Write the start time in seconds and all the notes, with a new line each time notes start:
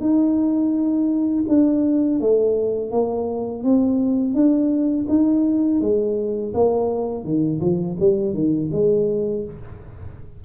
0.00 D#4
1.48 D4
2.20 A3
2.91 A#3
3.63 C4
4.34 D4
5.09 D#4
5.81 G#3
6.54 A#3
7.24 D#3
7.61 F3
7.99 G3
8.34 D#3
8.72 G#3